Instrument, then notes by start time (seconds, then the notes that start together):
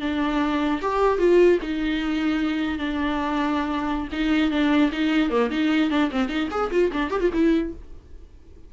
viola
0.00 D4
0.81 G4
1.18 F4
1.61 D#4
2.78 D4
4.12 D#4
4.51 D4
4.91 D#4
5.29 A#3
5.50 D#4
5.90 D4
6.11 C4
6.28 D#4
6.50 G#4
6.71 F4
6.92 D4
7.10 G4
7.20 F4
7.33 E4